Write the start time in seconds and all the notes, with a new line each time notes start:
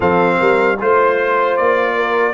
0.00 F3 C4 A4 F5
0.39 G3 A#4
0.80 A3 F4 C5
1.56 A#3 D5
1.94 A#4